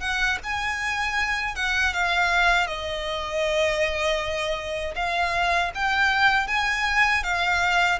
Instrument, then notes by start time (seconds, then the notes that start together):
violin
0.00 F#5
0.43 G#5
1.55 F#5
1.93 F5
2.67 D#5
4.95 F5
5.74 G5
6.47 G#5
7.23 F5